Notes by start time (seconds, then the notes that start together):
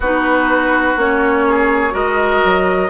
0.00 B3 D#4 F#4 B4
0.96 A#3 C#4 C#5
1.47 G#4
1.90 G#3 F#4 A#4 D#5
2.44 F#3